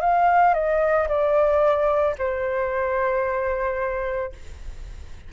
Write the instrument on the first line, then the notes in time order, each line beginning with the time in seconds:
flute
0.00 F5
0.54 D#5
1.08 D5
2.18 C5